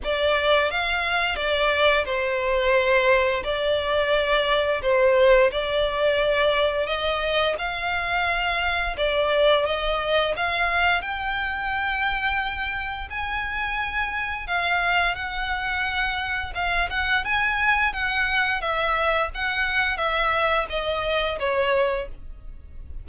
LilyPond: \new Staff \with { instrumentName = "violin" } { \time 4/4 \tempo 4 = 87 d''4 f''4 d''4 c''4~ | c''4 d''2 c''4 | d''2 dis''4 f''4~ | f''4 d''4 dis''4 f''4 |
g''2. gis''4~ | gis''4 f''4 fis''2 | f''8 fis''8 gis''4 fis''4 e''4 | fis''4 e''4 dis''4 cis''4 | }